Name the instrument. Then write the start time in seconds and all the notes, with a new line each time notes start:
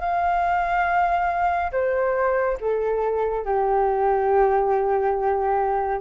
flute
0.00 F5
1.71 C5
2.60 A4
3.45 G4